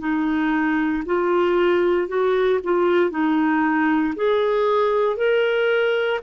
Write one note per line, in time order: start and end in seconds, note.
0.00 1.03 D#4
1.06 2.08 F4
2.08 2.60 F#4
2.64 3.11 F4
3.11 4.14 D#4
4.16 5.17 G#4
5.17 6.20 A#4